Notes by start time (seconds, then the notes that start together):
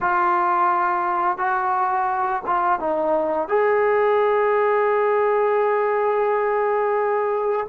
0.00 F4
1.37 F#4
2.46 F4
2.79 D#4
3.48 G#4